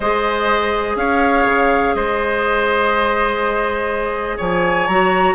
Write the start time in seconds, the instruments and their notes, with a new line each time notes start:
0.00 bassoon G#3, clarinet G#4, oboe C5, flute D#5
0.96 bassoon C#4, oboe C#5, flute F5
1.44 bassoon C#3
1.94 bassoon G#3, oboe C5, flute D#5
4.37 bassoon F3, oboe C#5, flute G#5
4.87 bassoon F#3, clarinet F#4, flute A#5